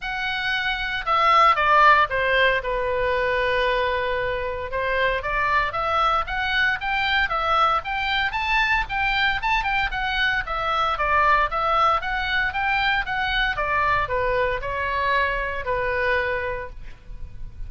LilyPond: \new Staff \with { instrumentName = "oboe" } { \time 4/4 \tempo 4 = 115 fis''2 e''4 d''4 | c''4 b'2.~ | b'4 c''4 d''4 e''4 | fis''4 g''4 e''4 g''4 |
a''4 g''4 a''8 g''8 fis''4 | e''4 d''4 e''4 fis''4 | g''4 fis''4 d''4 b'4 | cis''2 b'2 | }